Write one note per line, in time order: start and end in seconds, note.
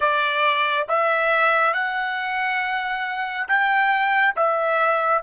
0.00 0.87 D5
0.88 1.74 E5
1.74 3.47 F#5
3.48 4.35 G5
4.36 5.22 E5